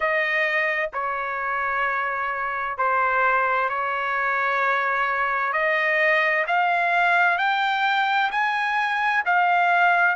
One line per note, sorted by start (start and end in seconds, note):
0.00 0.90 D#5
0.93 2.77 C#5
2.77 3.69 C5
3.69 5.52 C#5
5.52 6.44 D#5
6.47 7.38 F5
7.38 8.30 G5
8.31 9.23 G#5
9.26 10.15 F5